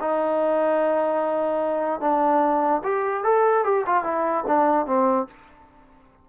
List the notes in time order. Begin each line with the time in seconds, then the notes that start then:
0.00 D#4
2.00 D4
2.83 G4
3.24 A4
3.64 G4
3.86 F4
4.03 E4
4.47 D4
4.86 C4